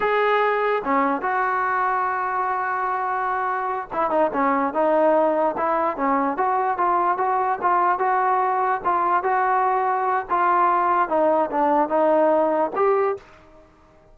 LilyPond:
\new Staff \with { instrumentName = "trombone" } { \time 4/4 \tempo 4 = 146 gis'2 cis'4 fis'4~ | fis'1~ | fis'4. e'8 dis'8 cis'4 dis'8~ | dis'4. e'4 cis'4 fis'8~ |
fis'8 f'4 fis'4 f'4 fis'8~ | fis'4. f'4 fis'4.~ | fis'4 f'2 dis'4 | d'4 dis'2 g'4 | }